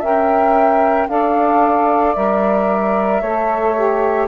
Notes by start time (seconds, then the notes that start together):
0.00 C#4 A#4 E5 G5
1.08 D4 A4 D5 F5
2.14 G3 A#4 E5
3.21 A3 A4 C#5
3.76 G4